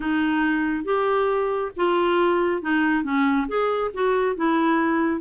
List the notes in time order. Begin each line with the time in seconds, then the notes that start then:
0.00 D#4
0.84 G4
1.76 F4
2.62 D#4
3.03 C#4
3.47 G#4
3.93 F#4
4.36 E4